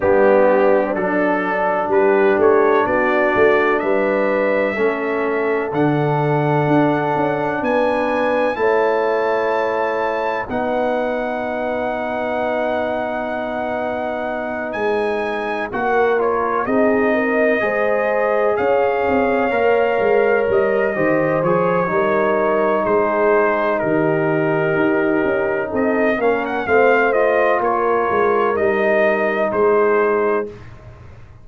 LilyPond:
<<
  \new Staff \with { instrumentName = "trumpet" } { \time 4/4 \tempo 4 = 63 g'4 a'4 b'8 cis''8 d''4 | e''2 fis''2 | gis''4 a''2 fis''4~ | fis''2.~ fis''8 gis''8~ |
gis''8 fis''8 cis''8 dis''2 f''8~ | f''4. dis''4 cis''4. | c''4 ais'2 dis''8 f''16 fis''16 | f''8 dis''8 cis''4 dis''4 c''4 | }
  \new Staff \with { instrumentName = "horn" } { \time 4/4 d'2 g'4 fis'4 | b'4 a'2. | b'4 cis''2 b'4~ | b'1~ |
b'8 ais'4 gis'8 ais'8 c''4 cis''8~ | cis''2 c''4 ais'4 | gis'4 g'2 a'8 ais'8 | c''4 ais'2 gis'4 | }
  \new Staff \with { instrumentName = "trombone" } { \time 4/4 b4 d'2.~ | d'4 cis'4 d'2~ | d'4 e'2 dis'4~ | dis'1~ |
dis'8 fis'8 f'8 dis'4 gis'4.~ | gis'8 ais'4. g'8 gis'8 dis'4~ | dis'2.~ dis'8 cis'8 | c'8 f'4. dis'2 | }
  \new Staff \with { instrumentName = "tuba" } { \time 4/4 g4 fis4 g8 a8 b8 a8 | g4 a4 d4 d'8 cis'8 | b4 a2 b4~ | b2.~ b8 gis8~ |
gis8 ais4 c'4 gis4 cis'8 | c'8 ais8 gis8 g8 dis8 f8 g4 | gis4 dis4 dis'8 cis'8 c'8 ais8 | a4 ais8 gis8 g4 gis4 | }
>>